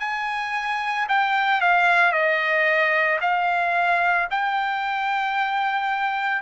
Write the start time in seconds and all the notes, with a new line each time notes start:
0.00 G#5
1.09 G5
1.61 F5
2.12 D#5
3.21 F5
4.31 G5